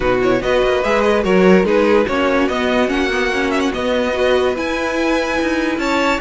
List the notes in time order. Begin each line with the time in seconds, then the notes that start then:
0.00 B2 D#4 F#4 B4
0.21 E4 C#5
0.41 B3 F#4 B4 D#5
0.63 A#3
0.83 G#3 G#4 E5
1.01 D#5
1.22 F#3 F#4 A#4 C#5
1.64 G#3 D#4 G#4 B4
2.06 A#3 C#4 F#4 C#5
2.48 B3 D#5
2.87 A#3 C#4 F#5
3.10 B3
3.32 C#4
3.51 E5
3.60 F#5
3.72 B3 D#5
4.13 F#4 B4
4.55 E4 G#5
5.41 D#4
5.77 C#4 C#5 A5